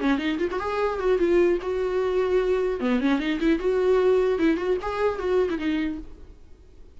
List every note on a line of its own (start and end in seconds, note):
0.00 0.18 C#4
0.18 0.38 D#4
0.38 0.48 F4
0.51 0.59 F#4
0.59 0.99 G#4
0.99 1.18 F#4
1.18 1.58 F4
1.62 2.80 F#4
2.80 3.00 B3
3.00 3.19 C#4
3.19 3.39 D#4
3.40 3.59 E4
3.59 4.38 F#4
4.38 4.57 E4
4.57 4.77 F#4
4.82 5.19 G#4
5.19 5.49 F#4
5.50 5.58 E4
5.58 5.98 D#4